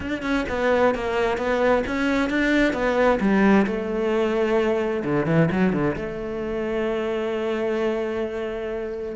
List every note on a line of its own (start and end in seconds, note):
0.00 0.22 D4
0.22 0.45 C#4
0.49 0.94 B3
0.94 1.37 A#3
1.37 1.83 B3
1.86 2.29 C#4
2.29 2.73 D4
2.73 3.19 B3
3.20 3.65 G3
3.66 5.03 A3
5.04 5.26 D3
5.26 5.49 E3
5.51 5.72 F#3
5.72 5.95 D3
5.96 9.15 A3